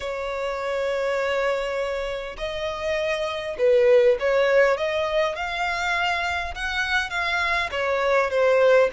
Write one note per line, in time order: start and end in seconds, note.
0.00 2.36 C#5
2.37 3.56 D#5
3.58 4.17 B4
4.19 4.77 C#5
4.77 5.35 D#5
5.35 6.54 F5
6.55 7.10 F#5
7.10 7.69 F5
7.71 8.30 C#5
8.30 8.89 C5